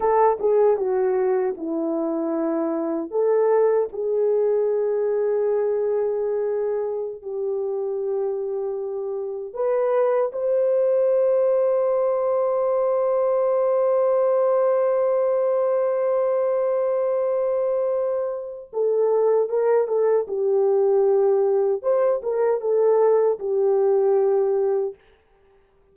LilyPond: \new Staff \with { instrumentName = "horn" } { \time 4/4 \tempo 4 = 77 a'8 gis'8 fis'4 e'2 | a'4 gis'2.~ | gis'4~ gis'16 g'2~ g'8.~ | g'16 b'4 c''2~ c''8.~ |
c''1~ | c''1 | a'4 ais'8 a'8 g'2 | c''8 ais'8 a'4 g'2 | }